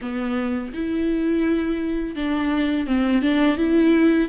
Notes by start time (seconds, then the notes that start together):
0.01 B3
0.73 E4
2.15 D4
2.86 C4
3.21 D4
3.57 E4